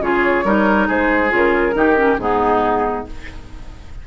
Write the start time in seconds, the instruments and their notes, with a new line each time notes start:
0.00 bassoon C#3, clarinet F4, oboe G#4, flute C#5
0.44 bassoon G3, clarinet D#4, oboe A#4
0.87 bassoon G#3, oboe G#4, flute C5
1.29 bassoon C#3, clarinet F4, flute A#4
1.73 bassoon D#3, clarinet D#4, oboe G4
1.96 clarinet C#4
2.17 bassoon G#2, clarinet B3, oboe D#4, flute G#4